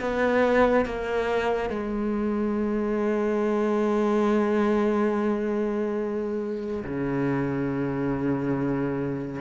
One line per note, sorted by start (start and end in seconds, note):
0.00 0.85 B3
0.85 1.69 A#3
1.69 6.84 G#3
6.84 9.41 C#3